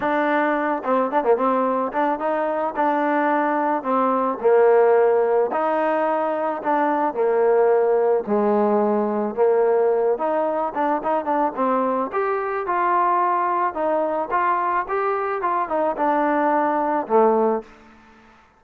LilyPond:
\new Staff \with { instrumentName = "trombone" } { \time 4/4 \tempo 4 = 109 d'4. c'8 d'16 ais16 c'4 d'8 | dis'4 d'2 c'4 | ais2 dis'2 | d'4 ais2 gis4~ |
gis4 ais4. dis'4 d'8 | dis'8 d'8 c'4 g'4 f'4~ | f'4 dis'4 f'4 g'4 | f'8 dis'8 d'2 a4 | }